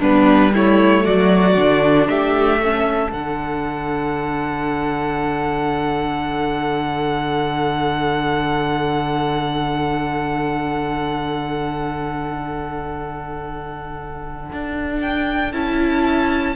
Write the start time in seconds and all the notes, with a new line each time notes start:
0.00 G3 B3 D4 B4
0.54 A3 E4 C#5
1.05 F#3 F#4 D5
1.57 D3 D4
2.08 A3 G4 E5
2.63 C#4 A4
3.11 D3 D4 F#5
14.53 D4
15.01 G5
15.53 C#4 E4 A5